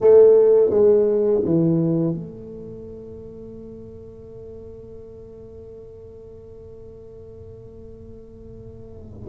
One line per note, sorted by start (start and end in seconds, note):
0.00 0.70 A3
0.70 1.41 G#3
1.44 2.14 E3
2.14 9.29 A3